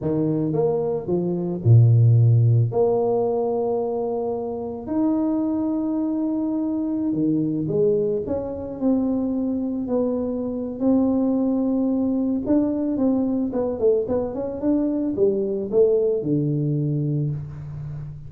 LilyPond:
\new Staff \with { instrumentName = "tuba" } { \time 4/4 \tempo 4 = 111 dis4 ais4 f4 ais,4~ | ais,4 ais2.~ | ais4 dis'2.~ | dis'4~ dis'16 dis4 gis4 cis'8.~ |
cis'16 c'2 b4.~ b16 | c'2. d'4 | c'4 b8 a8 b8 cis'8 d'4 | g4 a4 d2 | }